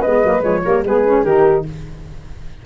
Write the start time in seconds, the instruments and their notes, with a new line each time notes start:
0.00 tuba G#3, saxophone B3, flute B4 D#5
0.24 tuba F#3, saxophone A#3
0.41 tuba F3, saxophone G#3, flute C#5
0.64 tuba G3, saxophone A#3, flute A#4
0.84 tuba G#3, saxophone B3, flute G#4 B4
1.05 saxophone C#4
1.24 tuba D#3, saxophone D#4, flute G4 A#4